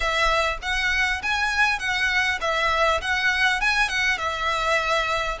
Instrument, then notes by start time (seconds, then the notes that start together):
violin
0.00 E5
0.62 F#5
1.22 G#5
1.79 F#5
2.41 E5
3.01 F#5
3.60 G#5
3.88 F#5
4.18 E5